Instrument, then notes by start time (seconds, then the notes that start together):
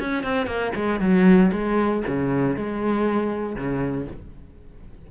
cello
0.00 C#4
0.23 C4
0.46 A#3
0.75 G#3
1.00 F#3
1.52 G#3
2.07 C#3
2.56 G#3
3.55 C#3